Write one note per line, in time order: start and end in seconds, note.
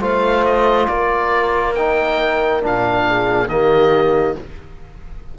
0.00 0.87 A3
0.00 1.74 F4
0.00 0.87 C5
0.00 0.45 F5
0.45 0.87 D#5
0.87 2.63 A#3
0.87 3.06 A#4
0.87 1.74 D5
1.74 2.61 D#4
1.74 2.61 G5
2.61 3.47 A#2
2.61 3.48 D4
2.61 3.48 F5
3.07 3.50 G#4
3.47 4.34 D#3
3.47 4.36 A#3
3.47 4.38 G4
3.47 4.35 D#5